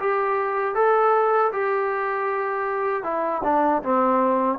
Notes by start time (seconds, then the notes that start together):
0.00 G4
0.75 A4
1.53 G4
3.04 E4
3.44 D4
3.83 C4